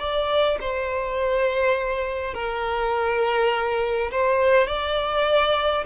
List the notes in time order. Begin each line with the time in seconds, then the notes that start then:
0.00 D5
0.61 C5
2.35 A#4
4.12 C5
4.68 D5